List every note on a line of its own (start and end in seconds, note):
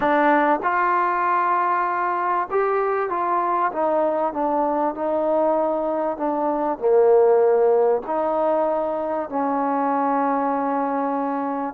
0.00 0.59 D4
0.62 2.48 F4
2.51 3.09 G4
3.09 3.71 F4
3.72 4.33 D#4
4.33 4.95 D4
4.95 6.17 D#4
6.17 6.78 D4
6.78 8.02 A#3
8.06 9.29 D#4
9.29 11.74 C#4